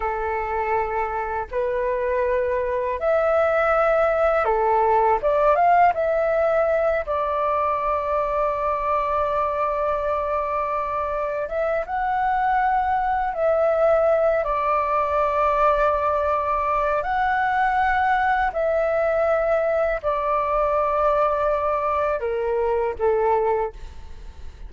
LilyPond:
\new Staff \with { instrumentName = "flute" } { \time 4/4 \tempo 4 = 81 a'2 b'2 | e''2 a'4 d''8 f''8 | e''4. d''2~ d''8~ | d''2.~ d''8 e''8 |
fis''2 e''4. d''8~ | d''2. fis''4~ | fis''4 e''2 d''4~ | d''2 ais'4 a'4 | }